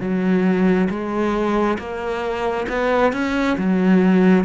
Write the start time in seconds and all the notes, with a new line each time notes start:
0.00 F#3
0.90 G#3
1.78 A#3
2.69 B3
3.13 C#4
3.58 F#3